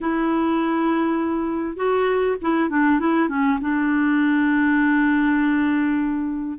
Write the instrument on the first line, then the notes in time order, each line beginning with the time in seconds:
clarinet
0.01 E4
1.76 F#4
2.41 E4
2.69 D4
2.99 E4
3.28 C#4
3.60 D4